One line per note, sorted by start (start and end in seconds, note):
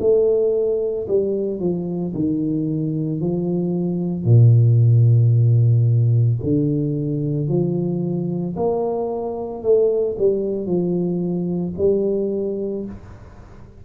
0.00 1.07 A3
1.08 1.60 G3
1.60 2.14 F3
2.15 3.21 D#3
3.21 4.25 F3
4.25 6.39 A#2
6.43 7.49 D3
7.49 8.56 F3
8.56 9.63 A#3
9.63 10.16 A3
10.18 10.67 G3
10.67 11.74 F3
11.78 12.85 G3